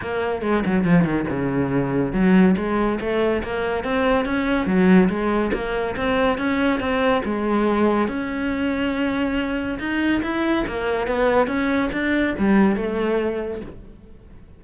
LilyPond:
\new Staff \with { instrumentName = "cello" } { \time 4/4 \tempo 4 = 141 ais4 gis8 fis8 f8 dis8 cis4~ | cis4 fis4 gis4 a4 | ais4 c'4 cis'4 fis4 | gis4 ais4 c'4 cis'4 |
c'4 gis2 cis'4~ | cis'2. dis'4 | e'4 ais4 b4 cis'4 | d'4 g4 a2 | }